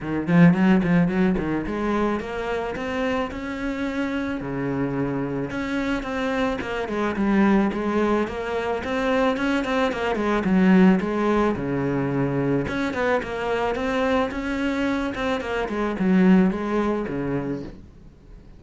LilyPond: \new Staff \with { instrumentName = "cello" } { \time 4/4 \tempo 4 = 109 dis8 f8 fis8 f8 fis8 dis8 gis4 | ais4 c'4 cis'2 | cis2 cis'4 c'4 | ais8 gis8 g4 gis4 ais4 |
c'4 cis'8 c'8 ais8 gis8 fis4 | gis4 cis2 cis'8 b8 | ais4 c'4 cis'4. c'8 | ais8 gis8 fis4 gis4 cis4 | }